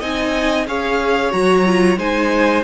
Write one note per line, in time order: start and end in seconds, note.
0.00 0.67 C4
0.00 0.66 D#4
0.00 0.66 D#5
0.00 0.68 G#5
0.67 1.33 C#4
0.67 1.31 G#4
0.67 1.99 C#5
0.67 1.32 F5
1.31 1.98 F#3
1.31 1.64 F#4
1.31 1.98 A#5
1.66 1.98 F4
1.98 2.64 G#3
1.98 2.64 D#4
1.98 2.64 C5
1.98 2.64 G#5